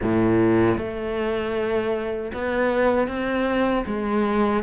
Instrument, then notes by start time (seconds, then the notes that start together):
cello
0.02 A2
0.78 A3
2.33 B3
3.07 C4
3.86 G#3